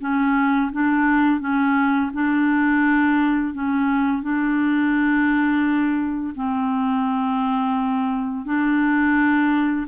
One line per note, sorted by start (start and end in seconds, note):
0.00 0.71 C#4
0.72 1.40 D4
1.40 2.11 C#4
2.13 3.54 D4
3.54 4.23 C#4
4.23 6.34 D4
6.35 8.45 C4
8.45 9.86 D4